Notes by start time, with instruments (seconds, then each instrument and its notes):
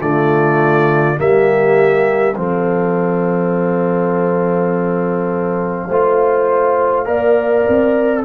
0.00 tuba D3, trombone A3, horn F4, trumpet D5
1.16 tuba G3, trombone A#3, horn G4, trumpet E5
2.35 tuba F3, trombone C4, horn A4, trumpet F5
5.88 tuba A3, trombone F4, horn C5
7.05 tuba A#3, trombone A#4, horn D5
7.68 tuba C4